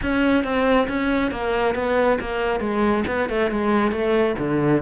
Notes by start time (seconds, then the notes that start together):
0.02 C#4
0.43 C4
0.88 C#4
1.31 A#3
1.74 B3
2.20 A#3
2.60 G#3
3.07 B3
3.29 A3
3.50 G#3
3.91 A3
4.38 D3